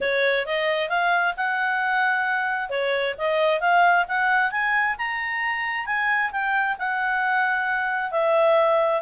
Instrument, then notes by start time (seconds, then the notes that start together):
clarinet
0.00 C#5
0.46 D#5
0.89 F5
1.36 F#5
2.69 C#5
3.17 D#5
3.60 F5
4.07 F#5
4.51 G#5
4.97 A#5
5.85 G#5
6.31 G5
6.78 F#5
8.11 E5